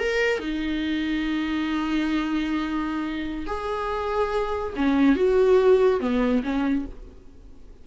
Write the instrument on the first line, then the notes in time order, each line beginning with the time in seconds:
viola
0.00 A#4
0.40 D#4
3.47 G#4
4.77 C#4
5.16 F#4
6.01 B3
6.44 C#4